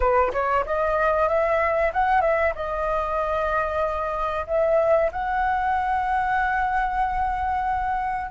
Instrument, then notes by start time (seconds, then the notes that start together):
flute
0.00 B4
0.32 C#5
0.65 D#5
1.28 E5
1.93 F#5
2.21 E5
2.55 D#5
4.47 E5
5.12 F#5